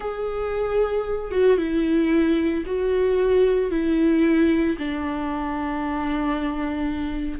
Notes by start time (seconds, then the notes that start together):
0.00 G#4
1.31 F#4
1.57 E4
2.65 F#4
3.70 E4
4.78 D4